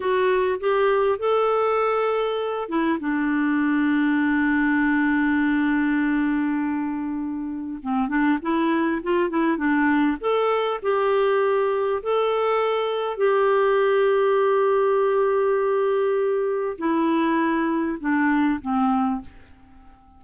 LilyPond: \new Staff \with { instrumentName = "clarinet" } { \time 4/4 \tempo 4 = 100 fis'4 g'4 a'2~ | a'8 e'8 d'2.~ | d'1~ | d'4 c'8 d'8 e'4 f'8 e'8 |
d'4 a'4 g'2 | a'2 g'2~ | g'1 | e'2 d'4 c'4 | }